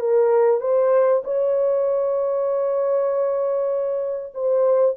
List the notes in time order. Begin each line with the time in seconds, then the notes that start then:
0.00 A#4
0.60 C5
1.24 C#5
4.34 C5